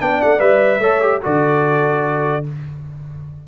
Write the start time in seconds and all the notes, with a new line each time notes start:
0.00 B3 D4 D5 G5
0.22 A3 F#5
0.39 G3 B4 E5
0.79 A3 A4 C#5
1.01 G4
1.22 D3 F#4 A4 D5